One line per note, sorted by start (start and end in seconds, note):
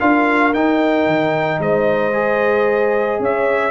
0.00 0.54 D4
0.00 0.54 F4
0.00 1.60 A#4
0.00 0.54 F5
0.54 1.07 D#4
0.54 2.13 D#4
0.54 1.61 G5
1.07 1.59 D#3
1.59 3.20 G#3
1.59 3.21 C5
1.59 3.22 D#5
2.13 3.71 G#4
3.20 3.71 C#4
3.20 3.71 C#5
3.20 3.71 E5